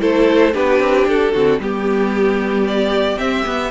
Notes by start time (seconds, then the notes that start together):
0.00 A3 E4 A4 C5
0.53 B3 D4 G4 B4
0.80 C4
1.08 D4 A4
1.33 D3 C4 F#4
1.59 G3 B3 G4
2.67 D5
3.17 C4 E5
3.44 B3